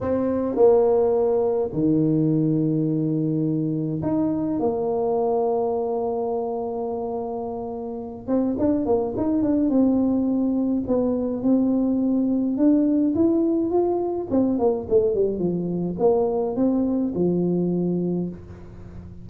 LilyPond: \new Staff \with { instrumentName = "tuba" } { \time 4/4 \tempo 4 = 105 c'4 ais2 dis4~ | dis2. dis'4 | ais1~ | ais2~ ais8 c'8 d'8 ais8 |
dis'8 d'8 c'2 b4 | c'2 d'4 e'4 | f'4 c'8 ais8 a8 g8 f4 | ais4 c'4 f2 | }